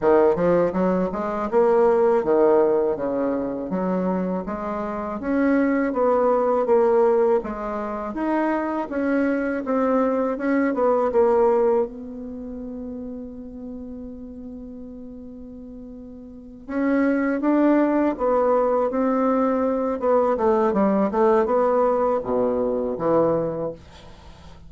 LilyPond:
\new Staff \with { instrumentName = "bassoon" } { \time 4/4 \tempo 4 = 81 dis8 f8 fis8 gis8 ais4 dis4 | cis4 fis4 gis4 cis'4 | b4 ais4 gis4 dis'4 | cis'4 c'4 cis'8 b8 ais4 |
b1~ | b2~ b8 cis'4 d'8~ | d'8 b4 c'4. b8 a8 | g8 a8 b4 b,4 e4 | }